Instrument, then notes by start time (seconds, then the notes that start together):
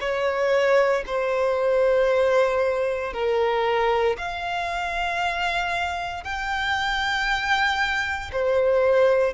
violin
0.00 C#5
1.06 C5
3.13 A#4
4.18 F5
6.24 G5
8.32 C5